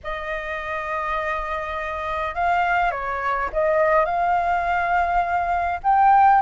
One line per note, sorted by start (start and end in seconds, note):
0.03 2.35 D#5
2.35 2.91 F5
2.91 3.49 C#5
3.52 4.05 D#5
4.05 5.80 F5
5.83 6.41 G5